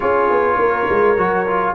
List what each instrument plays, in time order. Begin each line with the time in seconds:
0.00 tuba C#4, trombone F4, horn G#4, trumpet C#5
0.29 tuba B3
0.58 tuba A#3, horn A#4
0.89 tuba G#3
1.17 tuba F#3, trombone F#4
1.47 trombone F4